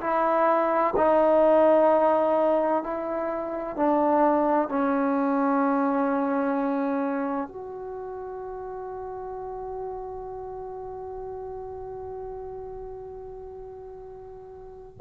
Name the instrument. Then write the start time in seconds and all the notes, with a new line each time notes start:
trombone
0.00 E4
0.96 D#4
2.83 E4
3.76 D4
4.69 C#4
7.47 F#4